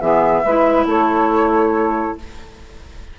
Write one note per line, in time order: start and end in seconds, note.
0.00 0.45 E3
0.00 0.44 B3
0.00 0.43 G#4
0.00 0.87 E5
0.44 0.86 G#3
0.44 2.19 E4
0.44 0.87 B4
0.86 2.15 A3
0.86 2.18 A4
0.86 2.18 C#5